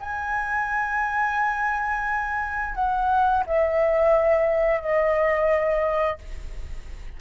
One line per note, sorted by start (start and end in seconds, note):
0.00 2.75 G#5
2.75 3.44 F#5
3.46 4.81 E5
4.81 6.18 D#5